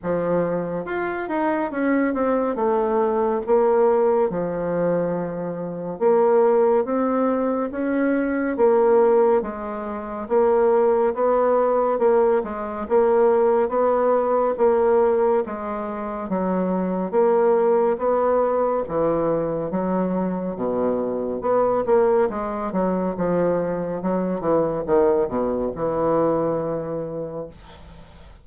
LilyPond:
\new Staff \with { instrumentName = "bassoon" } { \time 4/4 \tempo 4 = 70 f4 f'8 dis'8 cis'8 c'8 a4 | ais4 f2 ais4 | c'4 cis'4 ais4 gis4 | ais4 b4 ais8 gis8 ais4 |
b4 ais4 gis4 fis4 | ais4 b4 e4 fis4 | b,4 b8 ais8 gis8 fis8 f4 | fis8 e8 dis8 b,8 e2 | }